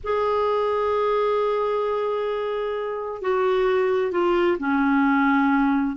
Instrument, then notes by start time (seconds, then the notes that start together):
clarinet
0.03 G#4
3.21 F#4
4.11 F4
4.59 C#4